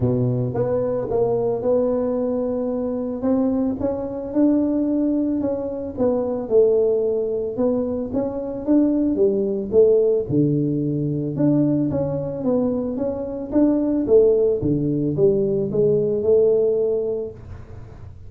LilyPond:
\new Staff \with { instrumentName = "tuba" } { \time 4/4 \tempo 4 = 111 b,4 b4 ais4 b4~ | b2 c'4 cis'4 | d'2 cis'4 b4 | a2 b4 cis'4 |
d'4 g4 a4 d4~ | d4 d'4 cis'4 b4 | cis'4 d'4 a4 d4 | g4 gis4 a2 | }